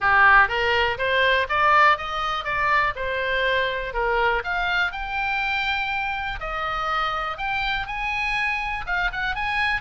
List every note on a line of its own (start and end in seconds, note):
0.00 0.48 G4
0.48 0.97 A#4
0.97 1.47 C5
1.49 1.97 D5
1.97 2.44 D#5
2.44 2.93 D5
2.95 3.93 C5
3.93 4.42 A#4
4.44 4.92 F5
4.92 6.39 G5
6.40 7.37 D#5
7.37 7.86 G5
7.87 8.85 G#5
8.86 9.11 F5
9.12 9.35 F#5
9.35 9.81 G#5